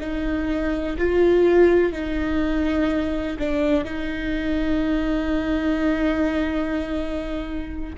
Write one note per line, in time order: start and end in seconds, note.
0.00 0.97 D#4
0.98 1.92 F4
1.92 3.37 D#4
3.39 3.84 D4
3.84 7.96 D#4